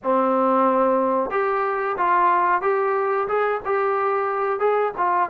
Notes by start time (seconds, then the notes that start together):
0.03 C4
1.30 G4
1.97 F4
2.61 G4
3.28 G#4
3.65 G4
4.59 G#4
4.98 F4